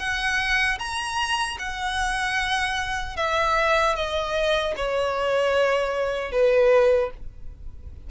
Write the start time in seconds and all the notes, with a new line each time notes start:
0.00 F#5
0.79 A#5
1.59 F#5
3.17 E5
3.96 D#5
4.77 C#5
6.32 B4